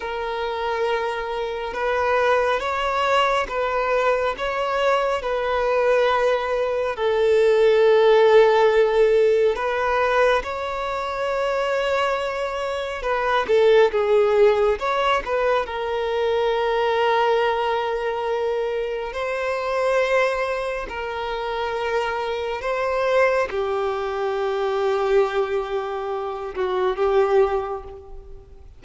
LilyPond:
\new Staff \with { instrumentName = "violin" } { \time 4/4 \tempo 4 = 69 ais'2 b'4 cis''4 | b'4 cis''4 b'2 | a'2. b'4 | cis''2. b'8 a'8 |
gis'4 cis''8 b'8 ais'2~ | ais'2 c''2 | ais'2 c''4 g'4~ | g'2~ g'8 fis'8 g'4 | }